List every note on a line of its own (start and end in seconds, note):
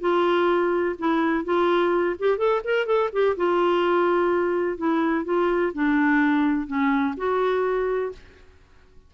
0.00 0.95 F4
0.98 1.44 E4
1.44 2.16 F4
2.19 2.37 G4
2.37 2.61 A4
2.64 2.86 A#4
2.86 3.10 A4
3.12 3.36 G4
3.36 4.77 F4
4.77 5.24 E4
5.24 5.72 F4
5.73 6.67 D4
6.67 7.14 C#4
7.16 8.12 F#4